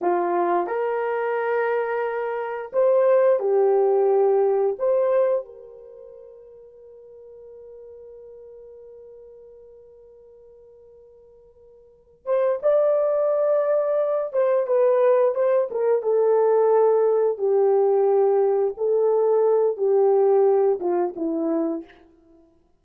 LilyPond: \new Staff \with { instrumentName = "horn" } { \time 4/4 \tempo 4 = 88 f'4 ais'2. | c''4 g'2 c''4 | ais'1~ | ais'1~ |
ais'2 c''8 d''4.~ | d''4 c''8 b'4 c''8 ais'8 a'8~ | a'4. g'2 a'8~ | a'4 g'4. f'8 e'4 | }